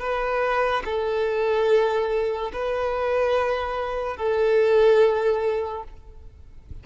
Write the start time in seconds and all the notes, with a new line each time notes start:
0.00 B4
0.85 A4
2.53 B4
4.17 A4